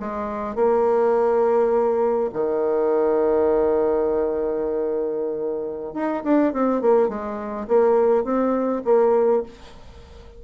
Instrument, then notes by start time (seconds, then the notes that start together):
bassoon
0.00 G#3
0.55 A#3
2.33 D#3
5.94 D#4
6.24 D4
6.53 C4
6.82 A#3
7.09 G#3
7.68 A#3
8.24 C4
8.85 A#3